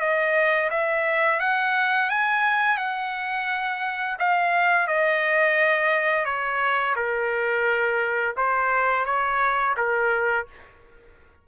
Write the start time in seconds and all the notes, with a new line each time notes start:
0.00 D#5
0.70 E5
1.40 F#5
2.10 G#5
2.77 F#5
4.19 F5
4.87 D#5
6.25 C#5
6.95 A#4
8.37 C5
9.05 C#5
9.77 A#4